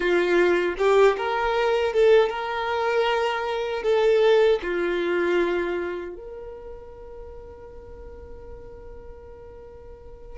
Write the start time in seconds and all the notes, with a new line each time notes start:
0.00 F4
0.78 G4
1.17 A#4
1.93 A4
2.29 A#4
3.83 A4
4.62 F4
6.15 A#4